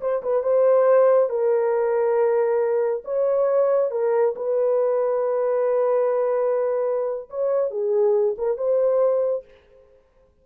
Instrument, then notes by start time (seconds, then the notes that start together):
horn
0.00 C5
0.22 B4
0.42 C5
1.29 A#4
3.04 C#5
3.91 A#4
4.36 B4
7.29 C#5
7.70 G#4
8.37 A#4
8.57 C5